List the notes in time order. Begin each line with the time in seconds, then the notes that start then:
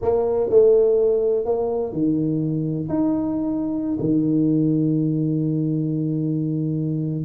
0.01 A#3
0.49 A3
1.45 A#3
1.92 D#3
2.88 D#4
3.99 D#3